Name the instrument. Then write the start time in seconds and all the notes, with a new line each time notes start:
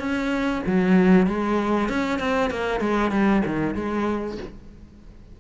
cello
0.00 C#4
0.67 F#3
1.27 G#3
1.89 C#4
2.20 C4
2.51 A#3
2.81 G#3
3.12 G3
3.46 D#3
3.76 G#3